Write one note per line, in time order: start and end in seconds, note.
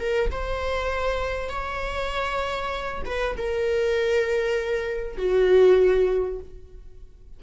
0.00 0.31 A#4
0.31 1.50 C5
1.50 3.03 C#5
3.06 3.36 B4
3.37 5.18 A#4
5.18 6.40 F#4